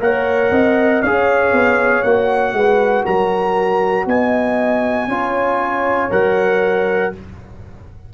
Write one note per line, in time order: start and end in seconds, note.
0.00 0.51 A#3
0.00 1.03 A#4
0.00 0.52 C#5
0.00 1.03 F#5
0.51 1.02 C4
0.51 1.03 D#5
1.03 1.53 C#4
1.03 2.06 G#4
1.03 2.56 C#5
1.03 2.03 F5
1.53 2.04 B3
2.03 2.53 A#3
2.03 5.10 F#4
2.03 3.05 F#5
2.53 3.04 G#3
2.53 3.04 B4
3.04 4.06 F#3
3.04 4.06 A#4
3.04 4.08 A#5
4.06 5.08 B3
4.06 5.10 D#5
4.06 6.12 G#5
5.08 6.10 C#4
5.08 6.11 F4
5.08 7.13 C#5
6.11 7.14 F#3
6.11 7.13 A#4
6.11 7.14 F#5